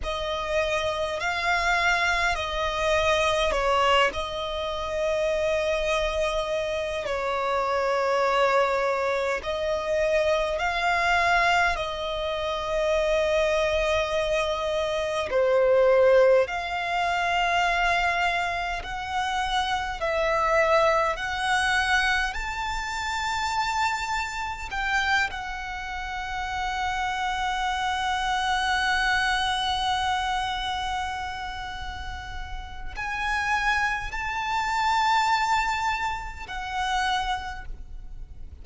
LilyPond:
\new Staff \with { instrumentName = "violin" } { \time 4/4 \tempo 4 = 51 dis''4 f''4 dis''4 cis''8 dis''8~ | dis''2 cis''2 | dis''4 f''4 dis''2~ | dis''4 c''4 f''2 |
fis''4 e''4 fis''4 a''4~ | a''4 g''8 fis''2~ fis''8~ | fis''1 | gis''4 a''2 fis''4 | }